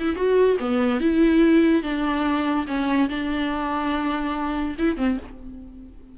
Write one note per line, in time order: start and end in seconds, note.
0.00 0.16 E4
0.16 0.58 F#4
0.60 1.01 B3
1.01 1.83 E4
1.83 2.66 D4
2.68 3.09 C#4
3.10 4.76 D4
4.79 4.97 E4
4.97 5.18 C4